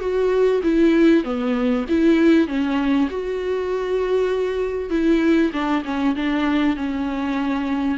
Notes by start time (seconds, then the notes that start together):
0.00 F#4
0.63 E4
1.24 B3
1.89 E4
2.48 C#4
3.10 F#4
4.90 E4
5.53 D4
5.85 C#4
6.16 D4
6.76 C#4